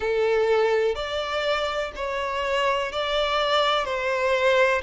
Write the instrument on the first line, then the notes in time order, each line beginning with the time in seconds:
violin
0.00 A4
0.95 D5
1.95 C#5
2.92 D5
3.84 C5